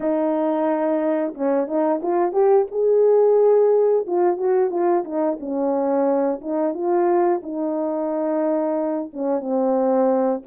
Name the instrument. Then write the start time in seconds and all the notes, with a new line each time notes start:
horn
0.00 D#4
1.34 C#4
1.67 D#4
2.02 F4
2.32 G4
2.71 G#4
4.06 F4
4.37 F#4
4.70 F4
5.04 D#4
5.39 C#4
6.41 D#4
6.74 F4
7.42 D#4
9.13 C#4
9.40 C4